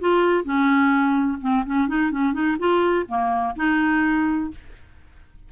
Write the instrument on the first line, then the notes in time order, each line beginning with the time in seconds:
clarinet
0.00 F4
0.44 C#4
1.41 C4
1.66 C#4
1.88 D#4
2.11 C#4
2.33 D#4
2.59 F4
3.08 A#3
3.56 D#4